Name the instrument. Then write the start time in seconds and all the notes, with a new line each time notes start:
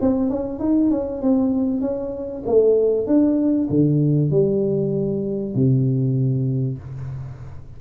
tuba
0.00 C4
0.30 C#4
0.59 D#4
0.91 C#4
1.22 C4
1.81 C#4
2.45 A3
3.06 D4
3.69 D3
4.30 G3
5.54 C3